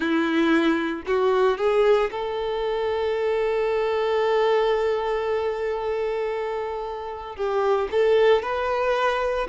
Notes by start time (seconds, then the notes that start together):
0.00 E4
1.06 F#4
1.57 G#4
2.11 A4
7.35 G4
7.91 A4
8.42 B4